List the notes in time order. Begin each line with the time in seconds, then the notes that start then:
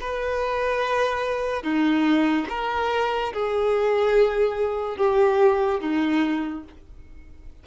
0.00 B4
1.63 D#4
2.49 A#4
3.33 G#4
4.97 G4
5.80 D#4